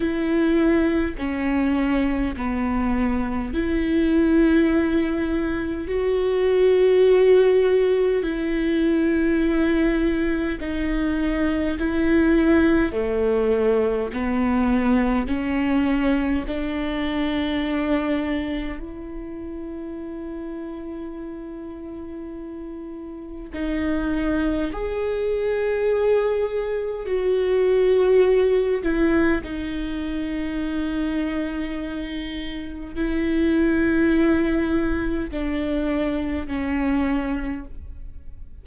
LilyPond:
\new Staff \with { instrumentName = "viola" } { \time 4/4 \tempo 4 = 51 e'4 cis'4 b4 e'4~ | e'4 fis'2 e'4~ | e'4 dis'4 e'4 a4 | b4 cis'4 d'2 |
e'1 | dis'4 gis'2 fis'4~ | fis'8 e'8 dis'2. | e'2 d'4 cis'4 | }